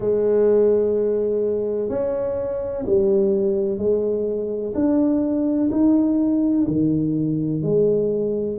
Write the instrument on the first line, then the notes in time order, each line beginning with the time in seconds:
tuba
0.00 G#3
1.89 C#4
2.86 G3
3.77 G#3
4.74 D4
5.71 D#4
6.67 D#3
7.62 G#3